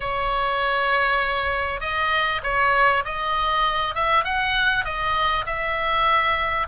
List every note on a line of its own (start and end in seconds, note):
0.00 1.80 C#5
1.80 2.41 D#5
2.43 3.04 C#5
3.04 3.94 D#5
3.94 4.24 E5
4.24 4.84 F#5
4.84 5.45 D#5
5.45 6.67 E5